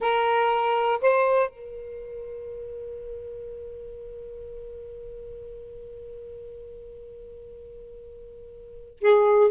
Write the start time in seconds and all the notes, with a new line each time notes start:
0.00 A#4
1.01 C5
1.49 A#4
9.00 G#4